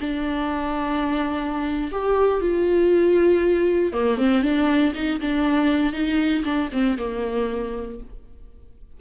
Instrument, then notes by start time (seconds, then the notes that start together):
viola
0.00 D4
1.92 G4
2.41 F4
3.93 A#3
4.18 C4
4.42 D4
4.95 D#4
5.20 D4
5.93 D#4
6.44 D4
6.72 C4
6.98 A#3